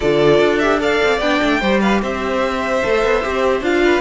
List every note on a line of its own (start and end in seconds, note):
0.00 0.39 D3
0.00 0.62 F4
0.00 0.79 A4
0.00 0.58 D5
0.39 0.99 D4
0.58 0.79 G4
0.58 0.78 E5
0.79 1.19 A4
0.79 1.60 D5
0.79 1.19 F5
1.03 1.20 C4
1.19 1.40 B3
1.19 1.61 D4
1.19 1.80 G5
1.42 1.61 A3
1.60 2.02 G3
1.60 2.82 G4
1.60 1.80 C5
1.80 2.01 B4
1.80 2.01 F5
2.02 2.82 C4
2.02 3.83 C5
2.02 3.63 E5
2.83 3.04 A3
2.83 3.22 A4
3.04 3.24 B3
3.22 3.61 C4
3.22 3.62 G4
3.61 4.00 D4
3.61 4.00 F4
3.61 4.00 F5
3.84 4.00 B4